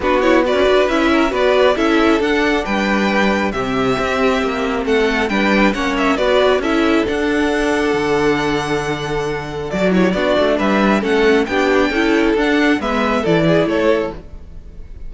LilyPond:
<<
  \new Staff \with { instrumentName = "violin" } { \time 4/4 \tempo 4 = 136 b'8 cis''8 d''4 e''4 d''4 | e''4 fis''4 g''2 | e''2. fis''4 | g''4 fis''8 e''8 d''4 e''4 |
fis''1~ | fis''2 d''8 cis''8 d''4 | e''4 fis''4 g''2 | fis''4 e''4 d''4 cis''4 | }
  \new Staff \with { instrumentName = "violin" } { \time 4/4 fis'4 b'4. ais'8 b'4 | a'2 b'2 | g'2. a'4 | b'4 cis''4 b'4 a'4~ |
a'1~ | a'2~ a'8 g'8 fis'4 | b'4 a'4 g'4 a'4~ | a'4 b'4 a'8 gis'8 a'4 | }
  \new Staff \with { instrumentName = "viola" } { \time 4/4 d'8 e'8 fis'4 e'4 fis'4 | e'4 d'2. | c'1 | d'4 cis'4 fis'4 e'4 |
d'1~ | d'2 fis'8 e'8 d'4~ | d'4 cis'4 d'4 e'4 | d'4 b4 e'2 | }
  \new Staff \with { instrumentName = "cello" } { \time 4/4 b4~ b16 cis'16 d'8 cis'4 b4 | cis'4 d'4 g2 | c4 c'4 ais4 a4 | g4 ais4 b4 cis'4 |
d'2 d2~ | d2 fis4 b8 a8 | g4 a4 b4 cis'4 | d'4 gis4 e4 a4 | }
>>